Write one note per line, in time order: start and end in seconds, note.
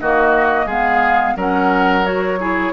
0.00 0.66 D#3
0.00 0.69 A#3
0.00 0.66 F#4
0.00 0.68 D#5
0.66 1.34 G#3
0.66 1.37 B3
0.66 1.34 G#4
0.66 1.37 F5
1.36 2.72 F#3
1.36 2.04 C#4
1.36 2.39 A#4
1.36 2.06 F#5
2.04 2.38 F#4
2.04 2.73 C#5
2.40 2.73 E4
2.40 2.73 G#4